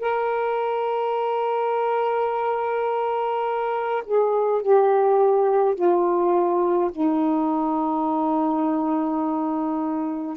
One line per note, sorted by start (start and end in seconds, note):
0.00 4.04 A#4
4.05 4.62 G#4
4.62 5.75 G4
5.75 6.91 F4
6.92 10.37 D#4